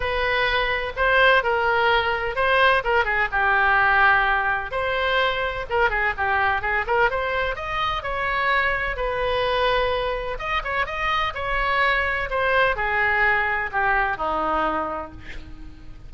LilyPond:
\new Staff \with { instrumentName = "oboe" } { \time 4/4 \tempo 4 = 127 b'2 c''4 ais'4~ | ais'4 c''4 ais'8 gis'8 g'4~ | g'2 c''2 | ais'8 gis'8 g'4 gis'8 ais'8 c''4 |
dis''4 cis''2 b'4~ | b'2 dis''8 cis''8 dis''4 | cis''2 c''4 gis'4~ | gis'4 g'4 dis'2 | }